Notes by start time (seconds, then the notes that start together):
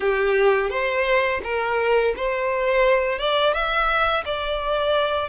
0.00 G4
0.70 C5
1.43 A#4
2.16 C5
3.18 D5
3.53 E5
4.25 D5